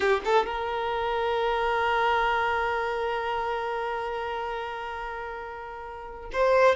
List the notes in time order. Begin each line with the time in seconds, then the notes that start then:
0.00 G4
0.24 A4
0.46 A#4
6.32 C5